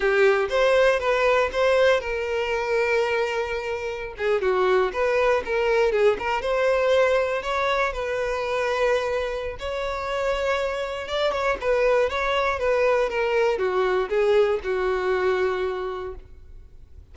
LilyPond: \new Staff \with { instrumentName = "violin" } { \time 4/4 \tempo 4 = 119 g'4 c''4 b'4 c''4 | ais'1~ | ais'16 gis'8 fis'4 b'4 ais'4 gis'16~ | gis'16 ais'8 c''2 cis''4 b'16~ |
b'2. cis''4~ | cis''2 d''8 cis''8 b'4 | cis''4 b'4 ais'4 fis'4 | gis'4 fis'2. | }